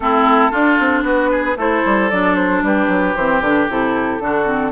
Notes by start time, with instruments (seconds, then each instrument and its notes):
0.00 bassoon A3, clarinet C4, oboe E4, flute A4
0.51 clarinet D4, bassoon D4, oboe F4
0.79 bassoon C4
1.02 bassoon B3, oboe F#4, flute B4
1.31 oboe G#4
1.56 bassoon A3, clarinet E4, oboe A4, flute C5
1.85 bassoon G3
2.09 bassoon F#3, clarinet D4, flute D5
2.35 flute C5
2.62 bassoon G3, oboe G4, flute B4
2.88 bassoon F#3
3.15 bassoon E3, clarinet C4, flute C5
3.40 bassoon D3, clarinet D4, flute B4
3.69 bassoon C3, clarinet E4, flute A4
4.19 bassoon D3, clarinet D4, oboe F#4
4.46 clarinet C4